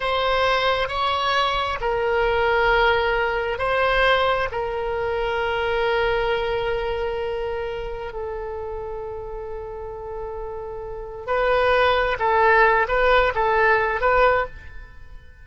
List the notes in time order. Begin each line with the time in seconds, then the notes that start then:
0.00 C5
0.88 C#5
1.80 A#4
3.58 C5
4.51 A#4
8.12 A4
11.27 B4
12.19 A4
12.88 B4
13.35 A4
14.01 B4